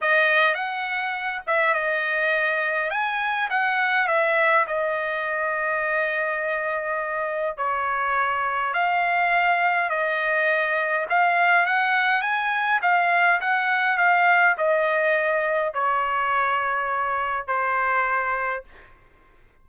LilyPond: \new Staff \with { instrumentName = "trumpet" } { \time 4/4 \tempo 4 = 103 dis''4 fis''4. e''8 dis''4~ | dis''4 gis''4 fis''4 e''4 | dis''1~ | dis''4 cis''2 f''4~ |
f''4 dis''2 f''4 | fis''4 gis''4 f''4 fis''4 | f''4 dis''2 cis''4~ | cis''2 c''2 | }